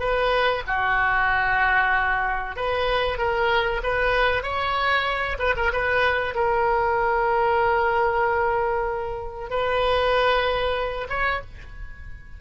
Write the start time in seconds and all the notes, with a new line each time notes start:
0.00 B4
0.68 F#4
2.56 B4
3.19 A#4
3.84 B4
4.43 C#5
5.39 B4
5.57 A#4
5.73 B4
6.36 A#4
9.51 B4
11.10 C#5